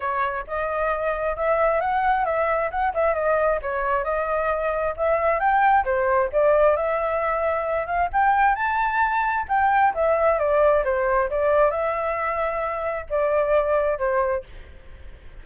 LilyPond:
\new Staff \with { instrumentName = "flute" } { \time 4/4 \tempo 4 = 133 cis''4 dis''2 e''4 | fis''4 e''4 fis''8 e''8 dis''4 | cis''4 dis''2 e''4 | g''4 c''4 d''4 e''4~ |
e''4. f''8 g''4 a''4~ | a''4 g''4 e''4 d''4 | c''4 d''4 e''2~ | e''4 d''2 c''4 | }